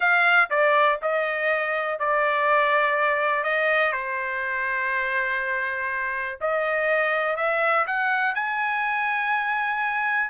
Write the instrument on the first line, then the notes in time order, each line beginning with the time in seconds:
trumpet
0.00 F5
0.50 D5
1.01 D#5
1.99 D5
3.43 D#5
3.92 C5
6.40 D#5
7.36 E5
7.86 F#5
8.34 G#5